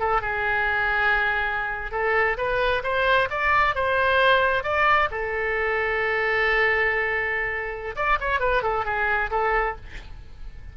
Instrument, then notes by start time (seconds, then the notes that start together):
oboe
0.00 A4
0.21 G#4
1.92 A4
2.37 B4
2.83 C5
3.30 D5
3.75 C5
4.63 D5
5.11 A4
7.96 D5
8.20 C#5
8.40 B4
8.63 A4
8.85 G#4
9.31 A4